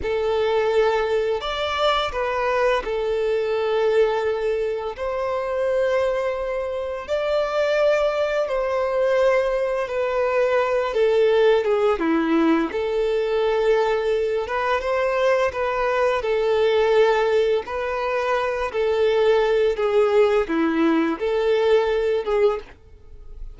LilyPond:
\new Staff \with { instrumentName = "violin" } { \time 4/4 \tempo 4 = 85 a'2 d''4 b'4 | a'2. c''4~ | c''2 d''2 | c''2 b'4. a'8~ |
a'8 gis'8 e'4 a'2~ | a'8 b'8 c''4 b'4 a'4~ | a'4 b'4. a'4. | gis'4 e'4 a'4. gis'8 | }